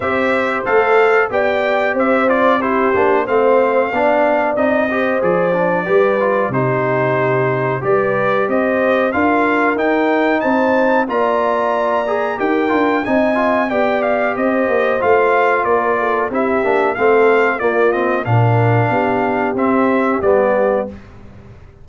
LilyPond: <<
  \new Staff \with { instrumentName = "trumpet" } { \time 4/4 \tempo 4 = 92 e''4 f''4 g''4 e''8 d''8 | c''4 f''2 dis''4 | d''2 c''2 | d''4 dis''4 f''4 g''4 |
a''4 ais''2 g''4 | gis''4 g''8 f''8 dis''4 f''4 | d''4 e''4 f''4 d''8 dis''8 | f''2 e''4 d''4 | }
  \new Staff \with { instrumentName = "horn" } { \time 4/4 c''2 d''4 c''4 | g'4 c''4 d''4. c''8~ | c''4 b'4 g'2 | b'4 c''4 ais'2 |
c''4 d''2 ais'4 | dis''4 d''4 c''2 | ais'8 a'8 g'4 a'4 f'4 | ais'4 g'2. | }
  \new Staff \with { instrumentName = "trombone" } { \time 4/4 g'4 a'4 g'4. f'8 | e'8 d'8 c'4 d'4 dis'8 g'8 | gis'8 d'8 g'8 f'8 dis'2 | g'2 f'4 dis'4~ |
dis'4 f'4. gis'8 g'8 f'8 | dis'8 f'8 g'2 f'4~ | f'4 e'8 d'8 c'4 ais8 c'8 | d'2 c'4 b4 | }
  \new Staff \with { instrumentName = "tuba" } { \time 4/4 c'4 a4 b4 c'4~ | c'8 ais8 a4 b4 c'4 | f4 g4 c2 | g4 c'4 d'4 dis'4 |
c'4 ais2 dis'8 d'8 | c'4 b4 c'8 ais8 a4 | ais4 c'8 ais8 a4 ais4 | ais,4 b4 c'4 g4 | }
>>